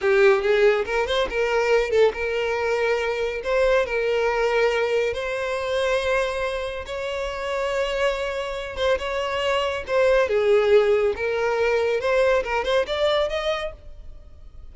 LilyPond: \new Staff \with { instrumentName = "violin" } { \time 4/4 \tempo 4 = 140 g'4 gis'4 ais'8 c''8 ais'4~ | ais'8 a'8 ais'2. | c''4 ais'2. | c''1 |
cis''1~ | cis''8 c''8 cis''2 c''4 | gis'2 ais'2 | c''4 ais'8 c''8 d''4 dis''4 | }